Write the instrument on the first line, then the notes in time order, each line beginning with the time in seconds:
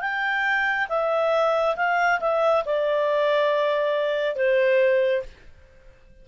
clarinet
0.00 G5
0.89 E5
1.76 F5
2.20 E5
2.65 D5
4.36 C5